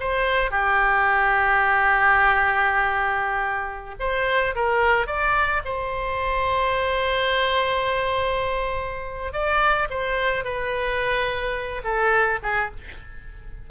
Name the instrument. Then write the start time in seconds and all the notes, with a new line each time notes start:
oboe
0.00 C5
0.51 G4
4.00 C5
4.55 A#4
5.07 D5
5.65 C5
9.33 D5
9.90 C5
10.44 B4
11.84 A4
12.43 G#4